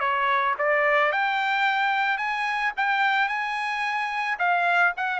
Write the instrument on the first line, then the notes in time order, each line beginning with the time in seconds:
trumpet
0.00 C#5
0.58 D5
1.12 G5
2.18 G#5
2.77 G5
3.29 G#5
4.39 F5
4.97 F#5